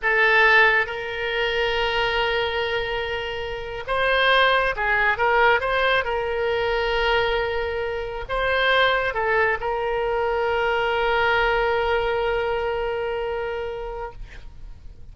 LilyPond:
\new Staff \with { instrumentName = "oboe" } { \time 4/4 \tempo 4 = 136 a'2 ais'2~ | ais'1~ | ais'8. c''2 gis'4 ais'16~ | ais'8. c''4 ais'2~ ais'16~ |
ais'2~ ais'8. c''4~ c''16~ | c''8. a'4 ais'2~ ais'16~ | ais'1~ | ais'1 | }